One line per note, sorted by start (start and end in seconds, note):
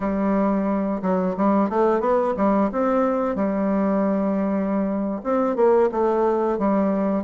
0.00 1.01 G3
1.01 1.35 F#3
1.36 1.69 G3
1.69 2.00 A3
2.00 2.34 B3
2.36 2.70 G3
2.72 3.35 C4
3.35 5.21 G3
5.23 5.56 C4
5.56 5.89 A#3
5.91 6.58 A3
6.58 7.23 G3